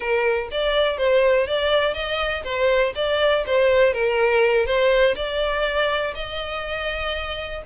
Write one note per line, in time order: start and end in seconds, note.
0.00 0.48 A#4
0.51 0.97 D5
0.97 1.46 C5
1.46 1.94 D5
1.94 2.43 D#5
2.44 2.93 C5
2.95 3.44 D5
3.46 3.93 C5
3.93 4.66 A#4
4.66 5.15 C5
5.15 6.13 D5
6.14 7.62 D#5